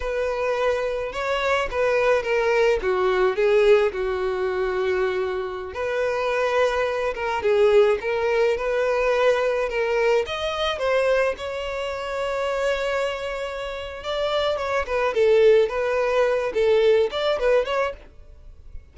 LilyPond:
\new Staff \with { instrumentName = "violin" } { \time 4/4 \tempo 4 = 107 b'2 cis''4 b'4 | ais'4 fis'4 gis'4 fis'4~ | fis'2~ fis'16 b'4.~ b'16~ | b'8. ais'8 gis'4 ais'4 b'8.~ |
b'4~ b'16 ais'4 dis''4 c''8.~ | c''16 cis''2.~ cis''8.~ | cis''4 d''4 cis''8 b'8 a'4 | b'4. a'4 d''8 b'8 cis''8 | }